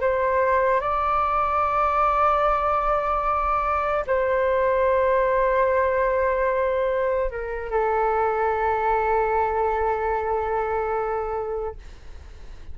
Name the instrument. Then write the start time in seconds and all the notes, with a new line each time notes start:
flute
0.00 C5
0.80 D5
4.07 C5
7.30 A#4
7.70 A4